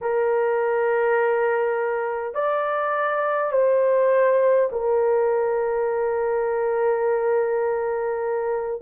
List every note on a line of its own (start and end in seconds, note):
0.01 2.34 A#4
2.34 3.52 D5
3.52 4.70 C5
4.72 8.81 A#4